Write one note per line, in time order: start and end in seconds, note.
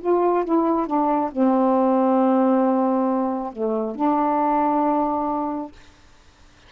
0.00 0.44 F4
0.44 0.86 E4
0.86 1.30 D4
1.32 3.52 C4
3.53 3.95 A3
3.95 5.72 D4